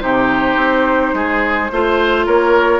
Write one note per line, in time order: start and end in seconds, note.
0.00 0.56 C3
0.00 1.69 D#4
0.00 1.15 G4
0.00 2.24 C5
0.56 1.12 C4
1.13 1.69 G#3
1.13 1.71 G#4
1.72 2.27 A3
1.72 2.80 F4
1.72 2.25 C5
2.25 2.80 A#3
2.25 2.80 A#4
2.25 2.80 C#5